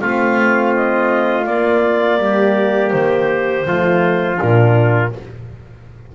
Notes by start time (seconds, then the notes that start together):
0.00 A3 C4 F4 F5
0.76 D#5
1.46 A#3 D5
2.18 G3 G4
2.90 D#3 C5
3.66 F3 A3 F4
4.37 A#2 D4 A#4